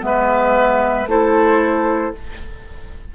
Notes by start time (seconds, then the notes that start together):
0.00 G#3 B3 B4 E5
1.05 A3 E4 A4 C5